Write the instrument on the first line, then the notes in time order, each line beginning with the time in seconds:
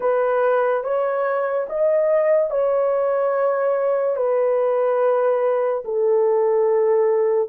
horn
0.00 B4
0.83 C#5
1.69 D#5
2.50 C#5
4.16 B4
5.84 A4